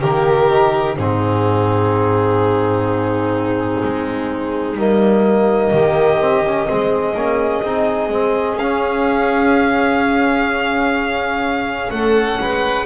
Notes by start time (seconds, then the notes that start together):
0.00 D#3 A#3 G4 A#4
0.49 D#4
0.97 G#2 C4 D#4 G#4
3.83 G#3
4.76 G3 A#3 D#5
5.72 D#3 G4
6.20 C4
6.44 C#4
6.67 G#3 C4 G#4
7.14 A#3 C#4
7.62 C4 D#4
8.08 G#3 C4
8.54 C#4 F5
11.90 A3 A4 F#5
12.39 G#3 B4